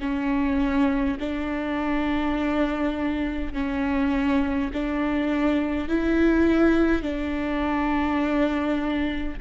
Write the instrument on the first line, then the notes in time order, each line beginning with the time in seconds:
viola
0.00 C#4
1.20 D4
3.53 C#4
4.73 D4
5.88 E4
7.03 D4